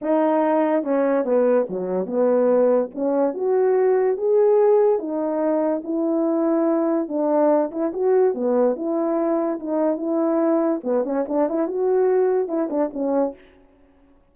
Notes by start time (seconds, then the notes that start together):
0.01 D#4
0.83 C#4
1.24 B3
1.69 F#3
2.06 B3
2.94 C#4
3.34 F#4
4.17 G#4
4.98 D#4
5.84 E4
7.08 D4
7.71 E4
7.93 F#4
8.34 B3
8.75 E4
9.59 D#4
9.97 E4
10.83 B3
11.04 C#4
11.28 D4
11.49 E4
11.67 F#4
12.48 E4
12.70 D4
12.93 C#4